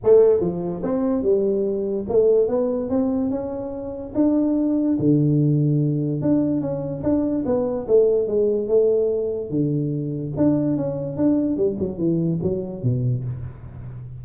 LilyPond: \new Staff \with { instrumentName = "tuba" } { \time 4/4 \tempo 4 = 145 a4 f4 c'4 g4~ | g4 a4 b4 c'4 | cis'2 d'2 | d2. d'4 |
cis'4 d'4 b4 a4 | gis4 a2 d4~ | d4 d'4 cis'4 d'4 | g8 fis8 e4 fis4 b,4 | }